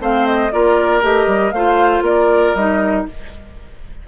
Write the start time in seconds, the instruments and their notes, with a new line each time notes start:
0.00 bassoon A3, clarinet C4, oboe C5, flute F5
0.27 flute D#5
0.52 bassoon A#3, clarinet F4, oboe A#4, flute D5
1.02 bassoon A3, clarinet G4, flute D#5
1.27 bassoon G3
1.52 bassoon A3, clarinet F4, oboe C5, flute F5
2.02 bassoon A#3, oboe A#4, flute D5
2.55 bassoon G3, clarinet D#4, flute D#5